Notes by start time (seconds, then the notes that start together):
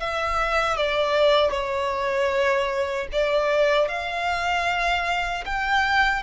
0.00 E5
0.77 D5
1.51 C#5
3.12 D5
3.89 F5
5.45 G5